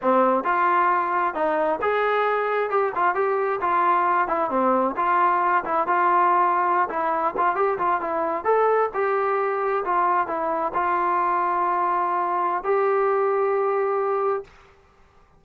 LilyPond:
\new Staff \with { instrumentName = "trombone" } { \time 4/4 \tempo 4 = 133 c'4 f'2 dis'4 | gis'2 g'8 f'8 g'4 | f'4. e'8 c'4 f'4~ | f'8 e'8 f'2~ f'16 e'8.~ |
e'16 f'8 g'8 f'8 e'4 a'4 g'16~ | g'4.~ g'16 f'4 e'4 f'16~ | f'1 | g'1 | }